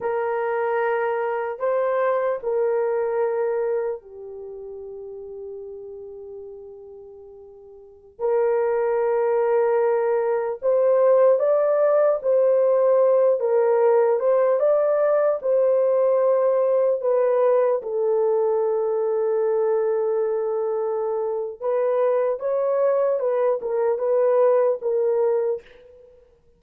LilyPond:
\new Staff \with { instrumentName = "horn" } { \time 4/4 \tempo 4 = 75 ais'2 c''4 ais'4~ | ais'4 g'2.~ | g'2~ g'16 ais'4.~ ais'16~ | ais'4~ ais'16 c''4 d''4 c''8.~ |
c''8. ais'4 c''8 d''4 c''8.~ | c''4~ c''16 b'4 a'4.~ a'16~ | a'2. b'4 | cis''4 b'8 ais'8 b'4 ais'4 | }